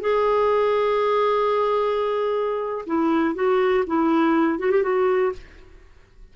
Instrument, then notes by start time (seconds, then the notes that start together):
clarinet
0.00 G#4
2.86 E4
3.35 F#4
3.87 E4
4.59 F#4
4.71 G4
4.83 F#4